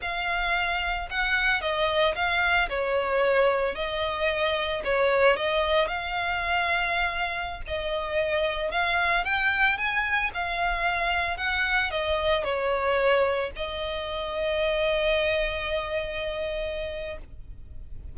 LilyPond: \new Staff \with { instrumentName = "violin" } { \time 4/4 \tempo 4 = 112 f''2 fis''4 dis''4 | f''4 cis''2 dis''4~ | dis''4 cis''4 dis''4 f''4~ | f''2~ f''16 dis''4.~ dis''16~ |
dis''16 f''4 g''4 gis''4 f''8.~ | f''4~ f''16 fis''4 dis''4 cis''8.~ | cis''4~ cis''16 dis''2~ dis''8.~ | dis''1 | }